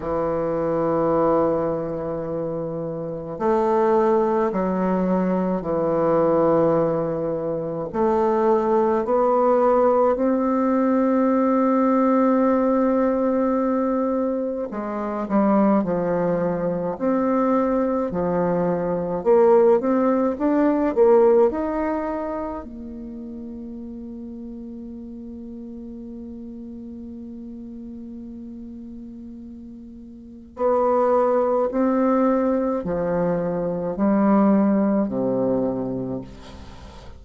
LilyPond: \new Staff \with { instrumentName = "bassoon" } { \time 4/4 \tempo 4 = 53 e2. a4 | fis4 e2 a4 | b4 c'2.~ | c'4 gis8 g8 f4 c'4 |
f4 ais8 c'8 d'8 ais8 dis'4 | ais1~ | ais2. b4 | c'4 f4 g4 c4 | }